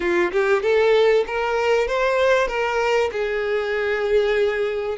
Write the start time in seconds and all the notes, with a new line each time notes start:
0.00 F4
0.32 G4
0.62 A4
1.26 A#4
1.87 C5
2.47 A#4
3.12 G#4